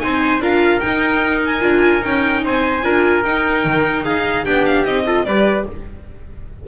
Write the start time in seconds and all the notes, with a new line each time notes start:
0.00 C4 D#4 C5 G#5
0.40 D4 F4 A#4 F5
0.80 D#4 G5
0.86 D#4
1.45 G#5
1.60 D4 F4
2.00 C#4 D#4 G5
2.44 C4 C5 G#5
2.83 D4 F4 A#4
3.23 D#4 G5
3.64 D#3
4.04 D#4 G#4 F5
4.44 B3 D4 G4 G5
4.65 F5
4.85 C4 D#4 D#5
5.06 F4 A4
5.25 G3 G4 B4 D5